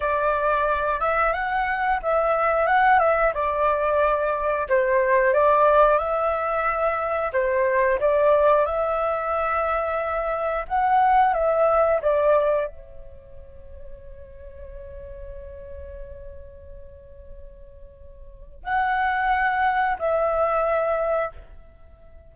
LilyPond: \new Staff \with { instrumentName = "flute" } { \time 4/4 \tempo 4 = 90 d''4. e''8 fis''4 e''4 | fis''8 e''8 d''2 c''4 | d''4 e''2 c''4 | d''4 e''2. |
fis''4 e''4 d''4 cis''4~ | cis''1~ | cis''1 | fis''2 e''2 | }